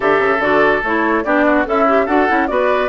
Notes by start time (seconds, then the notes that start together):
0.00 D3 G4 A4 E5
0.19 C#3
0.39 D3 F#4 D5
0.83 A3 E4 C#5
1.24 B3 D4 G4 D5
1.45 F#4
1.65 C#4 E4 A4 E5
1.88 G4
2.05 D4 F#4 A4 F#5
2.28 C#4 E4
2.47 B3 F#4 B4 D5